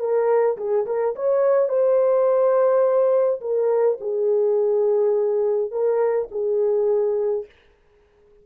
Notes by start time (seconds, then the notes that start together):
0.00 A#4
0.57 G#4
0.86 A#4
1.16 C#5
1.69 C5
3.41 A#4
4.01 G#4
5.72 A#4
6.32 G#4